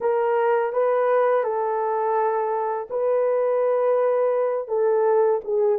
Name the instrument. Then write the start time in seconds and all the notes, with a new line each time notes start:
horn
0.00 A#4
0.72 B4
1.43 A4
2.89 B4
4.68 A4
5.44 G#4